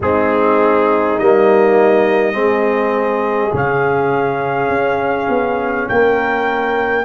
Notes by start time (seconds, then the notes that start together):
0.00 G#3 C4 D#4 G#4
1.17 G3 A#3 D#5
2.32 G#3 C4 G#4
3.53 C#3 C#4 F5
4.68 C#4
5.28 B3
5.88 A#3 A#4 G5